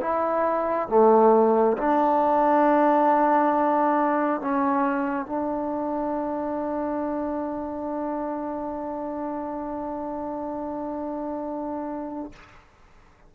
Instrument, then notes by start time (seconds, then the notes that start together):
trombone
0.00 E4
0.89 A3
1.77 D4
4.41 C#4
5.26 D4